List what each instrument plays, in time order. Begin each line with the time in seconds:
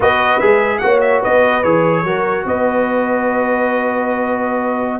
0.00 tuba B3, trombone F#4, horn B4, trumpet D#5
0.39 tuba G#3, trombone G#4, trumpet E5
0.78 tuba A#3, trombone F#4, horn C#5, trumpet F#5
1.00 trumpet E5
1.21 tuba B3, horn B4, trumpet D#5
1.63 tuba E3, trombone G#4, trumpet C#5
2.03 tuba F#3, trombone F#4, horn A#4
2.45 tuba B3, horn B4, trumpet D#5